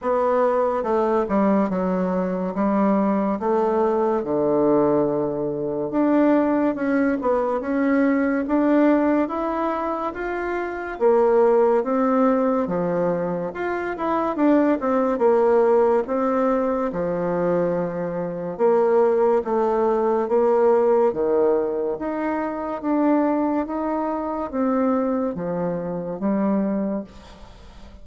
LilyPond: \new Staff \with { instrumentName = "bassoon" } { \time 4/4 \tempo 4 = 71 b4 a8 g8 fis4 g4 | a4 d2 d'4 | cis'8 b8 cis'4 d'4 e'4 | f'4 ais4 c'4 f4 |
f'8 e'8 d'8 c'8 ais4 c'4 | f2 ais4 a4 | ais4 dis4 dis'4 d'4 | dis'4 c'4 f4 g4 | }